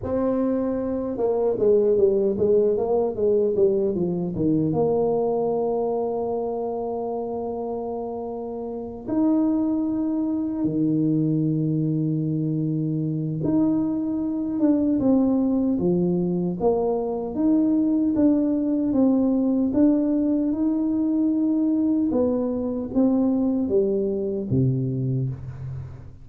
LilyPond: \new Staff \with { instrumentName = "tuba" } { \time 4/4 \tempo 4 = 76 c'4. ais8 gis8 g8 gis8 ais8 | gis8 g8 f8 dis8 ais2~ | ais2.~ ais8 dis'8~ | dis'4. dis2~ dis8~ |
dis4 dis'4. d'8 c'4 | f4 ais4 dis'4 d'4 | c'4 d'4 dis'2 | b4 c'4 g4 c4 | }